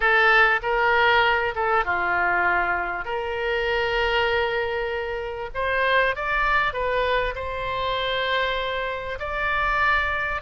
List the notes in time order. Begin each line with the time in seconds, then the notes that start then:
0.00 A4
0.62 A#4
1.55 A4
1.85 F4
3.04 A#4
5.54 C5
6.15 D5
6.73 B4
7.35 C5
9.19 D5